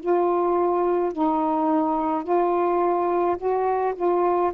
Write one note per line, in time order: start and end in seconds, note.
0.00 1.13 F4
1.13 2.24 D#4
2.24 3.37 F4
3.38 3.94 F#4
3.96 4.52 F4